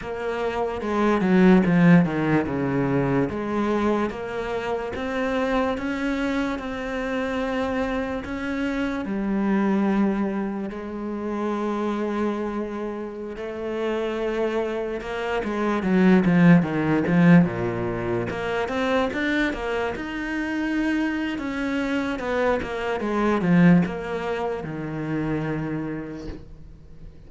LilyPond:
\new Staff \with { instrumentName = "cello" } { \time 4/4 \tempo 4 = 73 ais4 gis8 fis8 f8 dis8 cis4 | gis4 ais4 c'4 cis'4 | c'2 cis'4 g4~ | g4 gis2.~ |
gis16 a2 ais8 gis8 fis8 f16~ | f16 dis8 f8 ais,4 ais8 c'8 d'8 ais16~ | ais16 dis'4.~ dis'16 cis'4 b8 ais8 | gis8 f8 ais4 dis2 | }